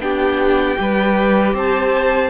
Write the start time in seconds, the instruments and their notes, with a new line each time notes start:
0.00 cello B3, viola D4, violin G4 G5
0.77 cello G3, viola G4, violin B4
1.54 cello C4, violin C5 A5